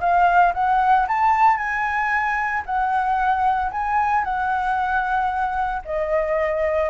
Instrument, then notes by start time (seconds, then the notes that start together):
flute
0.00 F5
0.54 F#5
1.07 A5
1.57 G#5
2.66 F#5
3.71 G#5
4.24 F#5
5.85 D#5